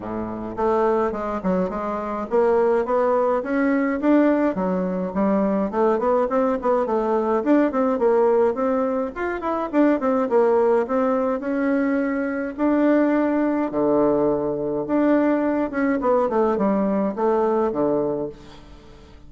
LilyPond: \new Staff \with { instrumentName = "bassoon" } { \time 4/4 \tempo 4 = 105 a,4 a4 gis8 fis8 gis4 | ais4 b4 cis'4 d'4 | fis4 g4 a8 b8 c'8 b8 | a4 d'8 c'8 ais4 c'4 |
f'8 e'8 d'8 c'8 ais4 c'4 | cis'2 d'2 | d2 d'4. cis'8 | b8 a8 g4 a4 d4 | }